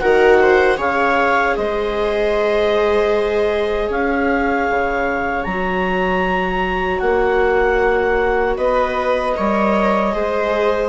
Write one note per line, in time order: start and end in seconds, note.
0.00 0.77 D#3
0.00 0.77 F#4
0.00 0.41 A#4
0.00 0.78 F#5
0.42 0.78 C5
0.77 1.55 C#3
0.77 5.45 G#4
0.77 1.56 C#5
0.77 1.56 F5
1.56 3.90 G#3
1.56 3.89 C5
1.56 3.90 D#5
3.89 4.68 C#4
3.89 8.56 C#5
3.89 5.44 F5
4.70 5.46 C#3
5.44 7.01 F#3
5.44 9.35 F#4
5.44 7.00 A#5
7.00 8.57 A#3
7.00 8.55 F#5
8.57 9.35 B3
8.57 9.36 B4
8.57 10.89 D#5
9.35 10.15 G3
9.35 10.13 A#4
9.35 10.15 C#5
10.13 10.89 G#3
10.13 10.89 G#4
10.13 10.89 C5